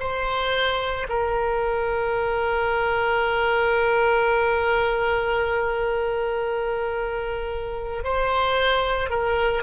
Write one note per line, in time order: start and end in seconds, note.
0.00 1.07 C5
1.10 8.04 A#4
8.04 9.10 C5
9.10 9.63 A#4